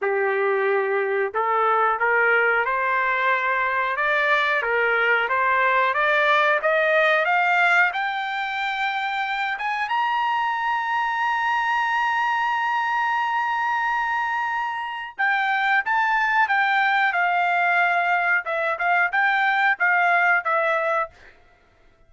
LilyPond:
\new Staff \with { instrumentName = "trumpet" } { \time 4/4 \tempo 4 = 91 g'2 a'4 ais'4 | c''2 d''4 ais'4 | c''4 d''4 dis''4 f''4 | g''2~ g''8 gis''8 ais''4~ |
ais''1~ | ais''2. g''4 | a''4 g''4 f''2 | e''8 f''8 g''4 f''4 e''4 | }